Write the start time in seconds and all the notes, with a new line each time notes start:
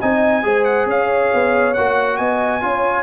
0.00 C4 D#4 D#5 G#5
0.43 G#3 G#4 C5
0.65 F#5
0.86 C#4 C#5 F5
1.34 B3
1.74 A#3 F#4 F#5
2.17 B3 D#5 G#5
2.61 C#4 F4 C#5